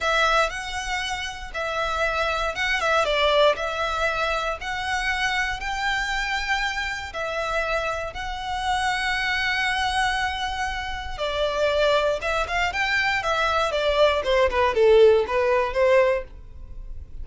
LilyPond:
\new Staff \with { instrumentName = "violin" } { \time 4/4 \tempo 4 = 118 e''4 fis''2 e''4~ | e''4 fis''8 e''8 d''4 e''4~ | e''4 fis''2 g''4~ | g''2 e''2 |
fis''1~ | fis''2 d''2 | e''8 f''8 g''4 e''4 d''4 | c''8 b'8 a'4 b'4 c''4 | }